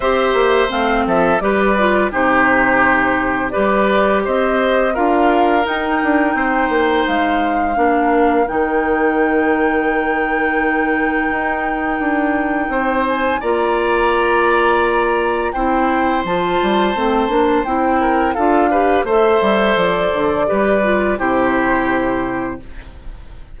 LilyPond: <<
  \new Staff \with { instrumentName = "flute" } { \time 4/4 \tempo 4 = 85 e''4 f''8 e''8 d''4 c''4~ | c''4 d''4 dis''4 f''4 | g''2 f''2 | g''1~ |
g''2~ g''8 gis''8 ais''4~ | ais''2 g''4 a''4~ | a''4 g''4 f''4 e''4 | d''2 c''2 | }
  \new Staff \with { instrumentName = "oboe" } { \time 4/4 c''4. a'8 b'4 g'4~ | g'4 b'4 c''4 ais'4~ | ais'4 c''2 ais'4~ | ais'1~ |
ais'2 c''4 d''4~ | d''2 c''2~ | c''4. ais'8 a'8 b'8 c''4~ | c''4 b'4 g'2 | }
  \new Staff \with { instrumentName = "clarinet" } { \time 4/4 g'4 c'4 g'8 f'8 dis'4~ | dis'4 g'2 f'4 | dis'2. d'4 | dis'1~ |
dis'2. f'4~ | f'2 e'4 f'4 | c'8 d'8 e'4 f'8 g'8 a'4~ | a'4 g'8 f'8 e'2 | }
  \new Staff \with { instrumentName = "bassoon" } { \time 4/4 c'8 ais8 a8 f8 g4 c4~ | c4 g4 c'4 d'4 | dis'8 d'8 c'8 ais8 gis4 ais4 | dis1 |
dis'4 d'4 c'4 ais4~ | ais2 c'4 f8 g8 | a8 ais8 c'4 d'4 a8 g8 | f8 d8 g4 c2 | }
>>